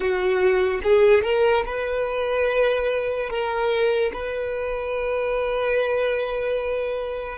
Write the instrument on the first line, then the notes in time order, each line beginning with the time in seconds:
violin
0.00 F#4
0.83 G#4
1.23 A#4
1.65 B4
3.29 A#4
4.13 B4